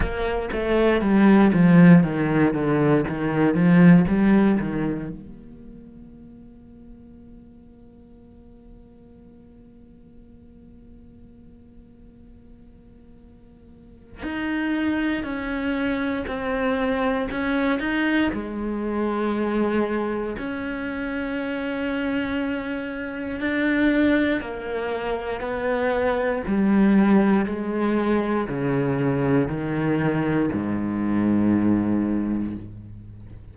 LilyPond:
\new Staff \with { instrumentName = "cello" } { \time 4/4 \tempo 4 = 59 ais8 a8 g8 f8 dis8 d8 dis8 f8 | g8 dis8 ais2.~ | ais1~ | ais2 dis'4 cis'4 |
c'4 cis'8 dis'8 gis2 | cis'2. d'4 | ais4 b4 g4 gis4 | cis4 dis4 gis,2 | }